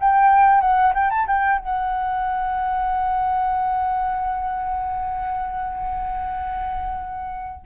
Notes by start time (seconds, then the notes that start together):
0.00 G5
0.62 F#5
0.95 G5
1.11 A5
1.27 G5
1.59 F#5